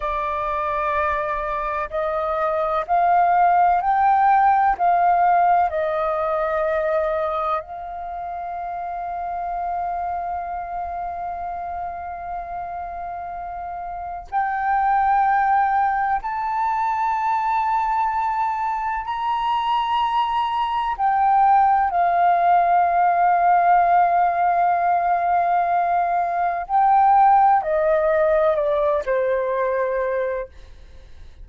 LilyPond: \new Staff \with { instrumentName = "flute" } { \time 4/4 \tempo 4 = 63 d''2 dis''4 f''4 | g''4 f''4 dis''2 | f''1~ | f''2. g''4~ |
g''4 a''2. | ais''2 g''4 f''4~ | f''1 | g''4 dis''4 d''8 c''4. | }